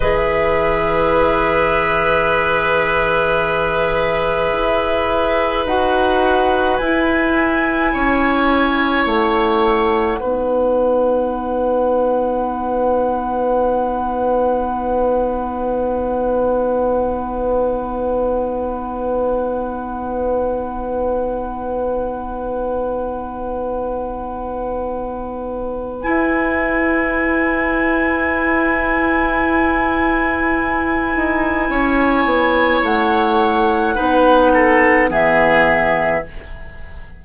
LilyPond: <<
  \new Staff \with { instrumentName = "flute" } { \time 4/4 \tempo 4 = 53 e''1~ | e''4 fis''4 gis''2 | fis''1~ | fis''1~ |
fis''1~ | fis''2. gis''4~ | gis''1~ | gis''4 fis''2 e''4 | }
  \new Staff \with { instrumentName = "oboe" } { \time 4/4 b'1~ | b'2. cis''4~ | cis''4 b'2.~ | b'1~ |
b'1~ | b'1~ | b'1 | cis''2 b'8 a'8 gis'4 | }
  \new Staff \with { instrumentName = "clarinet" } { \time 4/4 gis'1~ | gis'4 fis'4 e'2~ | e'4 dis'2.~ | dis'1~ |
dis'1~ | dis'2. e'4~ | e'1~ | e'2 dis'4 b4 | }
  \new Staff \with { instrumentName = "bassoon" } { \time 4/4 e1 | e'4 dis'4 e'4 cis'4 | a4 b2.~ | b1~ |
b1~ | b2. e'4~ | e'2.~ e'8 dis'8 | cis'8 b8 a4 b4 e4 | }
>>